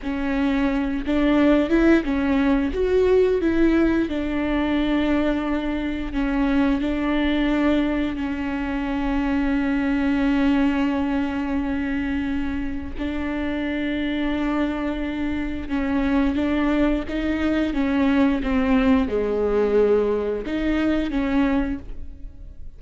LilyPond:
\new Staff \with { instrumentName = "viola" } { \time 4/4 \tempo 4 = 88 cis'4. d'4 e'8 cis'4 | fis'4 e'4 d'2~ | d'4 cis'4 d'2 | cis'1~ |
cis'2. d'4~ | d'2. cis'4 | d'4 dis'4 cis'4 c'4 | gis2 dis'4 cis'4 | }